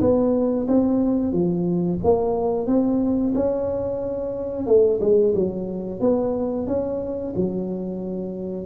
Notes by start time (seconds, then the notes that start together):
0.00 B3
0.67 C4
1.32 F3
2.03 A#3
2.66 C4
3.34 C#4
4.66 A3
5.00 G#3
5.35 F#3
6.00 B3
6.67 C#4
7.35 F#3